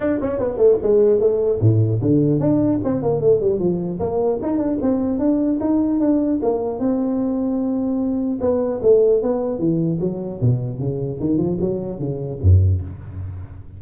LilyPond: \new Staff \with { instrumentName = "tuba" } { \time 4/4 \tempo 4 = 150 d'8 cis'8 b8 a8 gis4 a4 | a,4 d4 d'4 c'8 ais8 | a8 g8 f4 ais4 dis'8 d'8 | c'4 d'4 dis'4 d'4 |
ais4 c'2.~ | c'4 b4 a4 b4 | e4 fis4 b,4 cis4 | dis8 f8 fis4 cis4 fis,4 | }